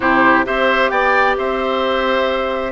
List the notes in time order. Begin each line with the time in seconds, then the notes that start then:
0.00 C3 E4 G4 C5
0.44 C4 G4 C5 E5
0.89 B3 D5 G5
1.37 C4 C5 E5